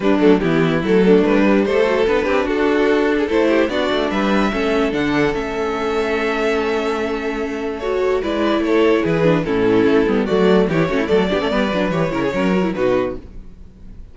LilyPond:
<<
  \new Staff \with { instrumentName = "violin" } { \time 4/4 \tempo 4 = 146 b'8 a'8 g'4 a'4 b'4 | c''4 b'4 a'2 | c''4 d''4 e''2 | fis''4 e''2.~ |
e''2. cis''4 | d''4 cis''4 b'4 a'4~ | a'4 d''4 cis''4 d''4~ | d''4 cis''2 b'4 | }
  \new Staff \with { instrumentName = "violin" } { \time 4/4 d'4 e'4. d'4. | a'4. g'8 fis'4.~ fis'16 gis'16 | a'8 g'8 fis'4 b'4 a'4~ | a'1~ |
a'1 | b'4 a'4 gis'4 e'4~ | e'4 fis'4 g'8 fis'16 e'16 a'8 g'16 a'16 | b'4. ais'16 gis'16 ais'4 fis'4 | }
  \new Staff \with { instrumentName = "viola" } { \time 4/4 g8 a8 b4 a4. g8~ | g8 fis8 d'2. | e'4 d'2 cis'4 | d'4 cis'2.~ |
cis'2. fis'4 | e'2~ e'8 d'8 cis'4~ | cis'8 b8 a4 e'8 cis'8 a8 d'16 cis'16 | b8 d'8 g'8 e'8 cis'8 fis'16 e'16 dis'4 | }
  \new Staff \with { instrumentName = "cello" } { \time 4/4 g8 fis8 e4 fis4 g4 | a4 b8 c'8 d'2 | a4 b8 a8 g4 a4 | d4 a2.~ |
a1 | gis4 a4 e4 a,4 | a8 g8 fis4 e8 a8 fis8 b16 a16 | g8 fis8 e8 cis8 fis4 b,4 | }
>>